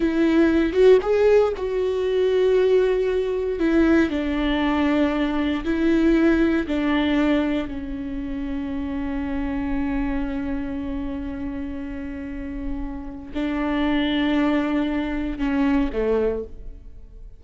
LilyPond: \new Staff \with { instrumentName = "viola" } { \time 4/4 \tempo 4 = 117 e'4. fis'8 gis'4 fis'4~ | fis'2. e'4 | d'2. e'4~ | e'4 d'2 cis'4~ |
cis'1~ | cis'1~ | cis'2 d'2~ | d'2 cis'4 a4 | }